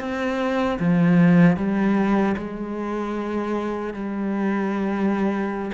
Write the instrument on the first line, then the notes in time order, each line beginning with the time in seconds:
cello
0.00 C4
0.79 F3
1.57 G3
2.38 G#3
3.94 G3